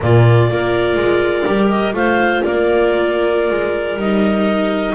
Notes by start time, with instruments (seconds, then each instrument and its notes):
0.00 double bass A#2, viola A#3, clarinet F4 D5
0.49 double bass A#3, viola F4, clarinet A#4
0.95 double bass G#3
1.46 double bass G3, viola G4
1.69 clarinet D#5
1.93 double bass A3, viola F4, clarinet C5 F5
2.43 double bass A#3, clarinet A#4 D5
3.50 double bass G#3
3.95 double bass G3, viola D#4, clarinet D#5